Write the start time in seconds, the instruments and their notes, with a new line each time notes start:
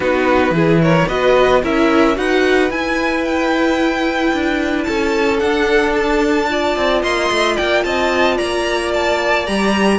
0.00 cello B3, viola D#4, violin F#4 B4
0.50 cello E3, viola E4, violin G#4
0.82 violin A#4 C#5
1.07 cello B3, viola F#4, violin B4 D#5
1.62 cello C#4, viola E4, violin A#4 E5
2.15 cello D#4, viola F#4, violin B4 F#5
2.70 viola E4, cello E4, violin G#5
3.24 violin G5
4.32 cello D4
4.83 cello C#4, violin A4 A5
5.39 viola D4, cello D4, violin F#5
5.95 violin A5
6.48 viola F4, violin D5
6.75 cello C4
7.02 cello A#3, violin D#5 C6
7.30 cello A3
7.55 cello A#3, violin D5 G5
7.83 cello C4, violin D#5 A5
8.36 cello A#3, violin D5 A#5
8.93 violin A5
9.46 cello G3, viola G4, violin A#5